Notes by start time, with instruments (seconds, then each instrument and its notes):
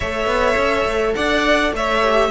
0.00 cello A3, viola A4, violin C#5 E5
0.26 cello B3
0.56 cello C#4
0.85 cello A3
1.15 cello D4, violin D5 F#5
1.72 cello A3, violin C#5 E5
2.02 viola G4